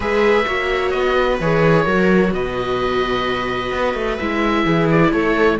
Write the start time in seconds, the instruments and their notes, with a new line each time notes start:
0.00 cello G#3, viola G#4 B4, oboe E5
0.45 cello A#3, viola F#4 C#5
0.90 cello B3, oboe D#5
1.18 viola B4
1.39 cello E3, viola G#4, oboe C#5
1.84 cello F#3, viola F#4 A#4
2.32 cello B2, viola B4, oboe D#5
3.71 cello B3
3.93 cello A3
4.17 cello G#3, viola E4, oboe E5
4.64 cello E3, viola G#4
4.91 oboe D5
5.12 cello A3, viola A4, oboe C#5